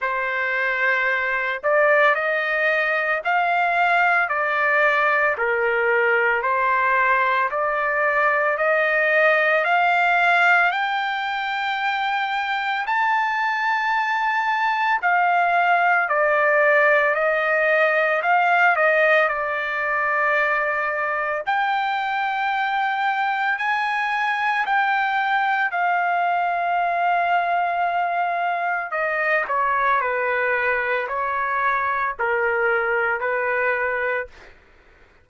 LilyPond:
\new Staff \with { instrumentName = "trumpet" } { \time 4/4 \tempo 4 = 56 c''4. d''8 dis''4 f''4 | d''4 ais'4 c''4 d''4 | dis''4 f''4 g''2 | a''2 f''4 d''4 |
dis''4 f''8 dis''8 d''2 | g''2 gis''4 g''4 | f''2. dis''8 cis''8 | b'4 cis''4 ais'4 b'4 | }